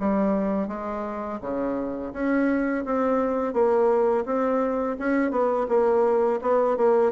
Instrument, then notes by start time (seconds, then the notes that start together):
bassoon
0.00 G3
0.68 G#3
1.41 C#3
2.13 C#4
2.85 C4
3.53 A#3
4.25 C4
4.99 C#4
5.31 B3
5.69 A#3
6.42 B3
6.77 A#3